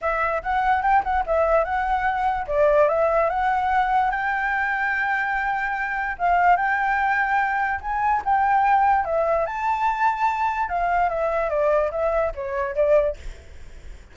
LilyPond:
\new Staff \with { instrumentName = "flute" } { \time 4/4 \tempo 4 = 146 e''4 fis''4 g''8 fis''8 e''4 | fis''2 d''4 e''4 | fis''2 g''2~ | g''2. f''4 |
g''2. gis''4 | g''2 e''4 a''4~ | a''2 f''4 e''4 | d''4 e''4 cis''4 d''4 | }